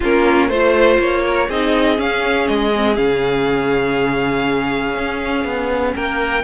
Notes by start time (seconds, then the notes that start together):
0.00 A#3 C#4 F4 A#4
0.47 A3 F4 C5
0.98 A#3 C#5
1.26 A#4
1.47 C4 D#4 G#4 D#5
1.96 C#4 F5
2.47 G#3 D#5
2.75 C4
2.95 C#3 C#4 F5
4.96 C#4
5.44 B3
5.94 A#3 A#4 G5